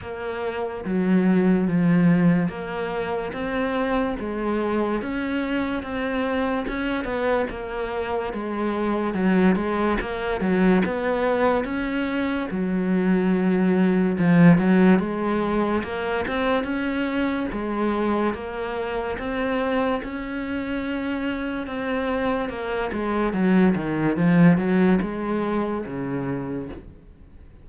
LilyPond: \new Staff \with { instrumentName = "cello" } { \time 4/4 \tempo 4 = 72 ais4 fis4 f4 ais4 | c'4 gis4 cis'4 c'4 | cis'8 b8 ais4 gis4 fis8 gis8 | ais8 fis8 b4 cis'4 fis4~ |
fis4 f8 fis8 gis4 ais8 c'8 | cis'4 gis4 ais4 c'4 | cis'2 c'4 ais8 gis8 | fis8 dis8 f8 fis8 gis4 cis4 | }